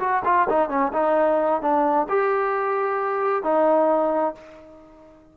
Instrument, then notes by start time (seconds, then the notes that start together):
trombone
0.00 F#4
0.25 F4
0.50 D#4
0.69 C#4
0.93 D#4
1.62 D4
2.09 G4
3.44 D#4